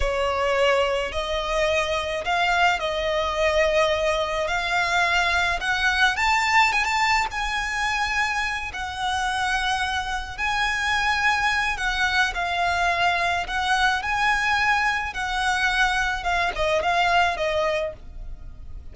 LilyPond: \new Staff \with { instrumentName = "violin" } { \time 4/4 \tempo 4 = 107 cis''2 dis''2 | f''4 dis''2. | f''2 fis''4 a''4 | gis''16 a''8. gis''2~ gis''8 fis''8~ |
fis''2~ fis''8 gis''4.~ | gis''4 fis''4 f''2 | fis''4 gis''2 fis''4~ | fis''4 f''8 dis''8 f''4 dis''4 | }